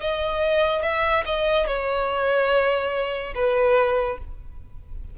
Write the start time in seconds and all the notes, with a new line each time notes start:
0.00 D#5
0.82 E5
1.25 D#5
1.67 C#5
3.34 B4